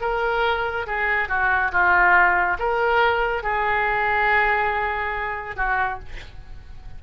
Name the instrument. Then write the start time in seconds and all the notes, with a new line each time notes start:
oboe
0.00 A#4
0.86 G#4
1.29 F#4
1.71 F4
2.59 A#4
3.43 G#4
5.56 F#4